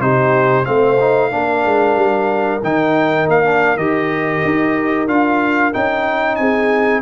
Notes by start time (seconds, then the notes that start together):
0.00 C3 D#4 G4 C5
0.64 A3 C4 C5 F5
1.00 D#4
1.31 A#3 D4 A#4
1.65 G#3
1.96 G3
2.63 D#3 D#4 G5
3.28 A#3 F5
3.45 D4
3.77 D#3 G4 D#5
4.45 D#4
5.08 D4 F4 F5
5.73 C#4 D#4 G5
6.36 C4 G#4 G#5